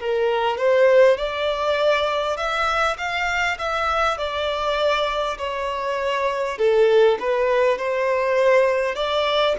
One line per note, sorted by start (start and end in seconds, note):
0.00 0.58 A#4
0.58 1.17 C5
1.17 2.37 D5
2.37 2.97 E5
2.98 3.58 F5
3.58 4.17 E5
4.17 5.37 D5
5.38 6.58 C#5
6.58 7.18 A4
7.19 7.78 B4
7.78 8.95 C5
8.95 9.55 D5